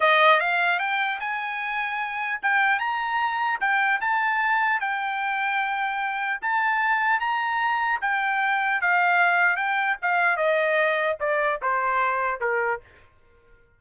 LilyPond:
\new Staff \with { instrumentName = "trumpet" } { \time 4/4 \tempo 4 = 150 dis''4 f''4 g''4 gis''4~ | gis''2 g''4 ais''4~ | ais''4 g''4 a''2 | g''1 |
a''2 ais''2 | g''2 f''2 | g''4 f''4 dis''2 | d''4 c''2 ais'4 | }